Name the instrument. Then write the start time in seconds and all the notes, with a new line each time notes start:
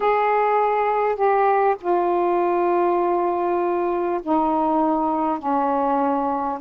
saxophone
0.00 G#4
1.15 G4
1.80 F4
4.22 D#4
5.38 C#4